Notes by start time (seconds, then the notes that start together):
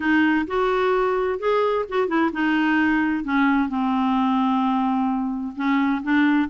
0.00 D#4
0.47 F#4
1.39 G#4
1.88 F#4
2.07 E4
2.32 D#4
3.23 C#4
3.68 C4
5.56 C#4
6.03 D4